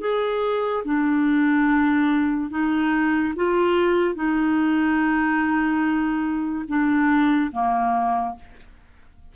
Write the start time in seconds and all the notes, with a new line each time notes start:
0.00 G#4
0.84 D4
2.50 D#4
3.35 F4
4.15 D#4
6.67 D4
7.52 A#3